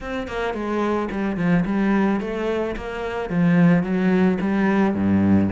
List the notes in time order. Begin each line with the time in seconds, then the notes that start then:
0.00 C4
0.27 A#3
0.54 G#3
1.10 G3
1.36 F3
1.65 G3
2.20 A3
2.76 A#3
3.29 F3
3.83 F#3
4.40 G3
4.94 G2